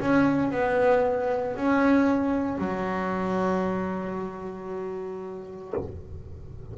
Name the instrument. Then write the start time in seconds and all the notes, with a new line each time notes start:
double bass
0.00 C#4
0.51 B3
1.56 C#4
2.58 F#3